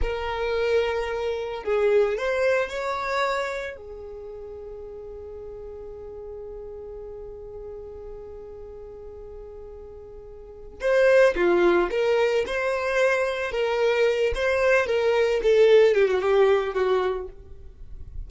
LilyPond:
\new Staff \with { instrumentName = "violin" } { \time 4/4 \tempo 4 = 111 ais'2. gis'4 | c''4 cis''2 gis'4~ | gis'1~ | gis'1~ |
gis'1 | c''4 f'4 ais'4 c''4~ | c''4 ais'4. c''4 ais'8~ | ais'8 a'4 g'16 fis'16 g'4 fis'4 | }